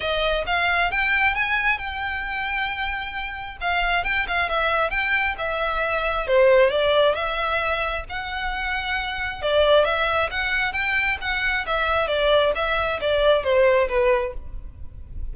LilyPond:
\new Staff \with { instrumentName = "violin" } { \time 4/4 \tempo 4 = 134 dis''4 f''4 g''4 gis''4 | g''1 | f''4 g''8 f''8 e''4 g''4 | e''2 c''4 d''4 |
e''2 fis''2~ | fis''4 d''4 e''4 fis''4 | g''4 fis''4 e''4 d''4 | e''4 d''4 c''4 b'4 | }